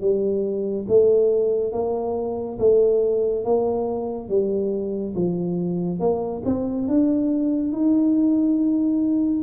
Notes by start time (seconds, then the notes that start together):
0.00 G3
0.88 A3
1.72 A#3
2.58 A3
3.44 A#3
4.29 G3
5.15 F3
5.99 A#3
6.45 C4
6.88 D4
7.72 D#4